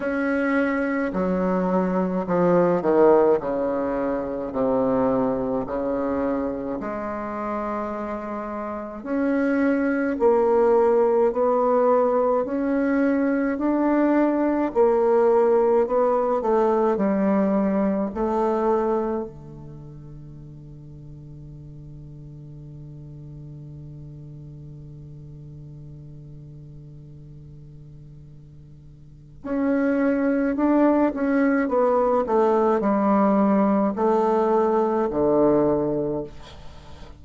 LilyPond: \new Staff \with { instrumentName = "bassoon" } { \time 4/4 \tempo 4 = 53 cis'4 fis4 f8 dis8 cis4 | c4 cis4 gis2 | cis'4 ais4 b4 cis'4 | d'4 ais4 b8 a8 g4 |
a4 d2.~ | d1~ | d2 cis'4 d'8 cis'8 | b8 a8 g4 a4 d4 | }